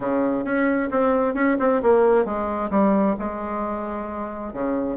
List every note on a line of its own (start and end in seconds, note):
0.00 0.44 C#3
0.44 0.89 C#4
0.90 1.34 C4
1.34 1.57 C#4
1.59 1.81 C4
1.82 2.25 A#3
2.25 2.70 G#3
2.70 3.15 G3
3.19 4.53 G#3
4.53 4.96 C#3